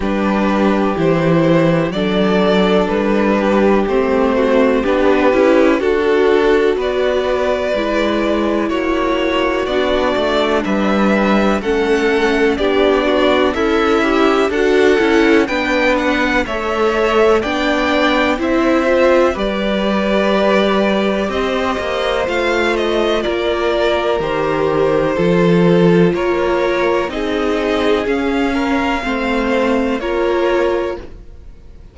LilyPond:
<<
  \new Staff \with { instrumentName = "violin" } { \time 4/4 \tempo 4 = 62 b'4 c''4 d''4 b'4 | c''4 b'4 a'4 d''4~ | d''4 cis''4 d''4 e''4 | fis''4 d''4 e''4 fis''4 |
g''8 fis''8 e''4 g''4 e''4 | d''2 dis''4 f''8 dis''8 | d''4 c''2 cis''4 | dis''4 f''2 cis''4 | }
  \new Staff \with { instrumentName = "violin" } { \time 4/4 g'2 a'4. g'8~ | g'8 fis'8 g'4 fis'4 b'4~ | b'4 fis'2 b'4 | a'4 g'8 fis'8 e'4 a'4 |
b'4 cis''4 d''4 c''4 | b'2 c''2 | ais'2 a'4 ais'4 | gis'4. ais'8 c''4 ais'4 | }
  \new Staff \with { instrumentName = "viola" } { \time 4/4 d'4 e'4 d'2 | c'4 d'8 e'8 fis'2 | e'2 d'2 | cis'4 d'4 a'8 g'8 fis'8 e'8 |
d'4 a'4 d'4 e'8 f'8 | g'2. f'4~ | f'4 g'4 f'2 | dis'4 cis'4 c'4 f'4 | }
  \new Staff \with { instrumentName = "cello" } { \time 4/4 g4 e4 fis4 g4 | a4 b8 cis'8 d'4 b4 | gis4 ais4 b8 a8 g4 | a4 b4 cis'4 d'8 cis'8 |
b4 a4 b4 c'4 | g2 c'8 ais8 a4 | ais4 dis4 f4 ais4 | c'4 cis'4 a4 ais4 | }
>>